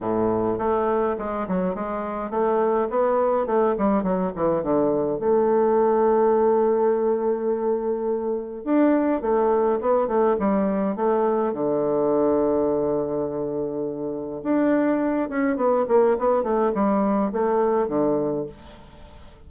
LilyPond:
\new Staff \with { instrumentName = "bassoon" } { \time 4/4 \tempo 4 = 104 a,4 a4 gis8 fis8 gis4 | a4 b4 a8 g8 fis8 e8 | d4 a2.~ | a2. d'4 |
a4 b8 a8 g4 a4 | d1~ | d4 d'4. cis'8 b8 ais8 | b8 a8 g4 a4 d4 | }